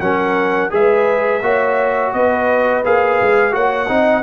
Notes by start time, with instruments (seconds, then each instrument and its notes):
0.00 tuba F#3, trombone C#4, horn A#4, trumpet F#5
0.70 tuba G#3, trombone G#4, horn B4, trumpet E5
1.42 tuba A#3, trombone F#4, horn C#5
2.13 tuba B3, horn B4, trumpet D#5
2.84 tuba A#3, trombone G#4, trumpet F5
3.22 tuba G#3
3.52 tuba A#3, trombone F#4, horn C#5, trumpet F#5
3.88 tuba C4, trombone D#4, horn D#5